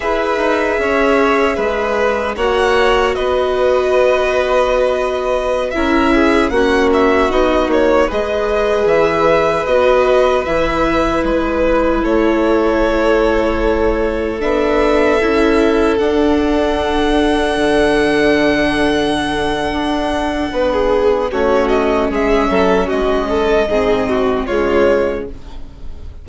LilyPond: <<
  \new Staff \with { instrumentName = "violin" } { \time 4/4 \tempo 4 = 76 e''2. fis''4 | dis''2.~ dis''16 e''8.~ | e''16 fis''8 e''8 dis''8 cis''8 dis''4 e''8.~ | e''16 dis''4 e''4 b'4 cis''8.~ |
cis''2~ cis''16 e''4.~ e''16~ | e''16 fis''2.~ fis''8.~ | fis''2. cis''8 dis''8 | e''4 dis''2 cis''4 | }
  \new Staff \with { instrumentName = "violin" } { \time 4/4 b'4 cis''4 b'4 cis''4 | b'2.~ b'16 ais'8 gis'16~ | gis'16 fis'2 b'4.~ b'16~ | b'2.~ b'16 a'8.~ |
a'1~ | a'1~ | a'2 b'16 gis'8. fis'4 | gis'8 a'8 fis'8 a'8 gis'8 fis'8 f'4 | }
  \new Staff \with { instrumentName = "viola" } { \time 4/4 gis'2. fis'4~ | fis'2.~ fis'16 e'8.~ | e'16 cis'4 dis'4 gis'4.~ gis'16~ | gis'16 fis'4 e'2~ e'8.~ |
e'2~ e'16 d'4 e'8.~ | e'16 d'2.~ d'8.~ | d'2. cis'4~ | cis'2 c'4 gis4 | }
  \new Staff \with { instrumentName = "bassoon" } { \time 4/4 e'8 dis'8 cis'4 gis4 ais4 | b2.~ b16 cis'8.~ | cis'16 ais4 b8 ais8 gis4 e8.~ | e16 b4 e4 gis4 a8.~ |
a2~ a16 b4 cis'8.~ | cis'16 d'2 d4.~ d16~ | d4 d'4 b4 a4 | gis8 fis8 gis4 gis,4 cis4 | }
>>